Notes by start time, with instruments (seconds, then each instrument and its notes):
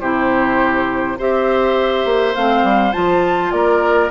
0.00 bassoon C3, clarinet E4, oboe G4, flute C5
1.18 bassoon C4, clarinet G4, oboe C5, flute E5
2.05 bassoon A#3
2.35 bassoon A3, clarinet C4, flute F5
2.63 bassoon G3
2.93 bassoon F3, clarinet F4, flute A5
3.52 bassoon A#3, oboe A#4, flute D5